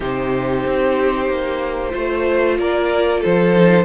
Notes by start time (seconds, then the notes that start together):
0.00 C3 D#4 G4 C5
0.66 C4
1.28 A#3
1.90 A3 F4 C5
2.58 A#3 A#4 D5
3.20 F3 A4 C5
3.56 D#4